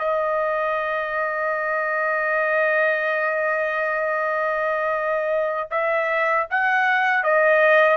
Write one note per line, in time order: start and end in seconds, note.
0.00 5.70 D#5
5.71 6.47 E5
6.51 7.24 F#5
7.24 7.97 D#5